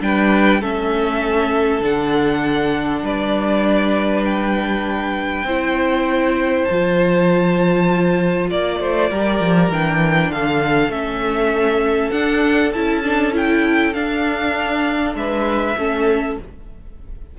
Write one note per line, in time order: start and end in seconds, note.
0.00 0.61 G3
0.00 0.61 D4
0.00 0.61 B4
0.00 0.62 G5
0.61 1.80 A3
0.61 1.81 C#4
0.61 3.03 A4
0.61 1.83 E5
1.80 3.01 D3
1.80 5.45 D4
1.80 3.05 F#5
3.03 5.43 G3
3.03 5.46 B4
3.03 4.25 D5
4.25 6.64 G5
5.43 6.64 C4
5.43 6.69 E4
5.43 8.49 C5
6.64 8.51 F3
6.64 9.12 F4
6.64 8.46 A5
8.50 8.80 A#3
8.50 9.71 D5
8.50 8.80 D5
8.80 9.10 A3
8.80 9.10 C5
9.10 9.39 G3
9.10 9.72 G4
9.10 10.31 A#4
9.39 9.69 F3
9.69 10.30 E3
9.69 10.91 D4
9.69 10.31 G5
10.30 10.89 D3
10.30 15.17 A4
10.30 10.91 F5
10.89 12.10 A3
10.89 12.12 C#4
10.89 12.11 E5
12.11 12.72 D4
12.11 12.72 F#5
12.72 13.95 C#4
12.72 13.03 E4
12.72 13.33 A5
13.03 13.32 D4
13.32 13.93 E4
13.32 13.93 G5
13.93 15.75 D4
13.93 15.15 D4
13.93 15.15 F5
15.15 15.75 G#3
15.15 15.78 B4
15.15 16.37 E5
15.77 16.37 A3
15.77 16.39 C#4
15.77 16.38 A4